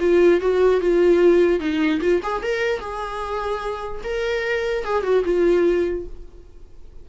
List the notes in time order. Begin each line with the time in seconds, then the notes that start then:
0.00 F4
0.41 F#4
0.81 F4
1.60 D#4
2.01 F4
2.23 G#4
2.43 A#4
2.80 G#4
4.04 A#4
4.85 G#4
5.03 F#4
5.25 F4